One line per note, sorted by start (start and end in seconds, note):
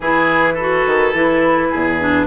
0.00 0.86 E3
0.00 0.59 E4
0.00 0.53 G#4
0.00 2.26 B4
0.53 1.14 F#4
0.53 1.67 A4
0.86 1.13 D#3
1.13 1.70 E3
1.13 1.99 E4
1.69 2.26 E2
1.69 2.26 G#4
2.00 2.26 D4